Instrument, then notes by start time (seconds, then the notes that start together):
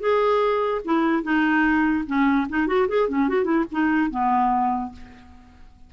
clarinet
0.00 G#4
0.85 E4
1.23 D#4
2.07 C#4
2.49 D#4
2.67 F#4
2.88 G#4
3.09 C#4
3.29 F#4
3.45 E4
3.72 D#4
4.11 B3